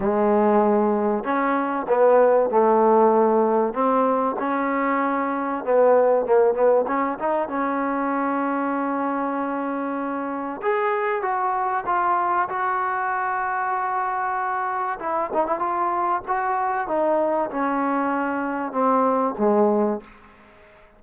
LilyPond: \new Staff \with { instrumentName = "trombone" } { \time 4/4 \tempo 4 = 96 gis2 cis'4 b4 | a2 c'4 cis'4~ | cis'4 b4 ais8 b8 cis'8 dis'8 | cis'1~ |
cis'4 gis'4 fis'4 f'4 | fis'1 | e'8 dis'16 e'16 f'4 fis'4 dis'4 | cis'2 c'4 gis4 | }